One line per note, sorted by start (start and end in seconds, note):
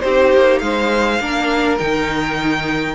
0.00 0.33 C4
0.00 1.19 D#4
0.00 0.62 G4
0.00 0.58 C5
0.34 0.61 A#3
0.58 1.19 G#3
0.58 1.21 C5
0.58 1.76 F5
1.19 1.78 A#3
1.19 1.79 D4
1.19 2.94 A#4
1.78 2.94 D#3
1.78 2.94 D#4
1.78 2.94 G5